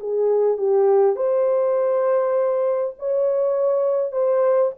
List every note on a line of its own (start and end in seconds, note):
0.00 0.58 G#4
0.58 1.16 G4
1.16 2.94 C5
2.99 4.12 C#5
4.12 4.72 C5